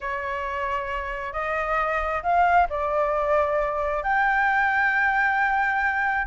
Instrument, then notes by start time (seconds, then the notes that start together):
flute
0.00 C#5
1.32 D#5
2.22 F5
2.69 D5
4.03 G5